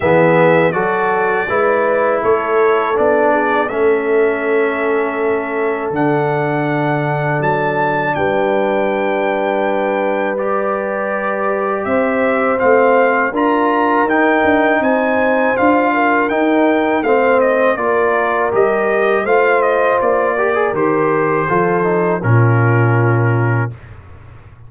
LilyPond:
<<
  \new Staff \with { instrumentName = "trumpet" } { \time 4/4 \tempo 4 = 81 e''4 d''2 cis''4 | d''4 e''2. | fis''2 a''4 g''4~ | g''2 d''2 |
e''4 f''4 ais''4 g''4 | gis''4 f''4 g''4 f''8 dis''8 | d''4 dis''4 f''8 dis''8 d''4 | c''2 ais'2 | }
  \new Staff \with { instrumentName = "horn" } { \time 4/4 gis'4 a'4 b'4 a'4~ | a'8 gis'8 a'2.~ | a'2. b'4~ | b'1 |
c''2 ais'2 | c''4. ais'4. c''4 | ais'2 c''4. ais'8~ | ais'4 a'4 f'2 | }
  \new Staff \with { instrumentName = "trombone" } { \time 4/4 b4 fis'4 e'2 | d'4 cis'2. | d'1~ | d'2 g'2~ |
g'4 c'4 f'4 dis'4~ | dis'4 f'4 dis'4 c'4 | f'4 g'4 f'4. g'16 gis'16 | g'4 f'8 dis'8 cis'2 | }
  \new Staff \with { instrumentName = "tuba" } { \time 4/4 e4 fis4 gis4 a4 | b4 a2. | d2 fis4 g4~ | g1 |
c'4 a4 d'4 dis'8 d'8 | c'4 d'4 dis'4 a4 | ais4 g4 a4 ais4 | dis4 f4 ais,2 | }
>>